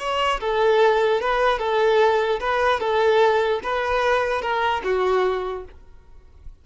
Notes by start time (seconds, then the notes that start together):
0.00 C#5
0.41 A4
1.21 B4
1.59 A4
2.40 B4
2.80 A4
3.63 B4
4.42 A#4
4.84 F#4